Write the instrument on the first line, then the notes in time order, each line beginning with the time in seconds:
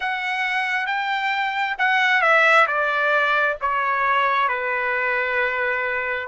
trumpet
0.00 F#5
0.86 G5
1.78 F#5
2.21 E5
2.67 D5
3.61 C#5
4.48 B4